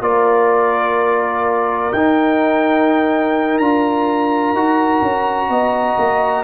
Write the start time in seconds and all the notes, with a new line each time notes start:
0.00 A#3 F4 A#4 D5
1.92 D#4 G5
3.58 D4 F4 A#5
4.53 D#4 F#4
5.01 C#4
5.49 B3 D#5
5.98 A#3